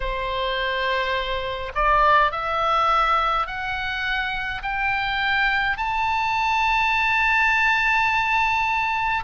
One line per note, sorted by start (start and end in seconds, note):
0.00 1.72 C5
1.74 2.31 D5
2.31 3.46 E5
3.46 4.62 F#5
4.62 5.77 G5
5.77 9.23 A5